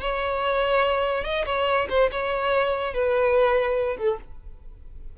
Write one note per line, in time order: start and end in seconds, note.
0.00 1.24 C#5
1.24 1.45 D#5
1.45 1.87 C#5
1.89 2.10 C5
2.11 2.93 C#5
2.93 3.97 B4
3.97 4.18 A4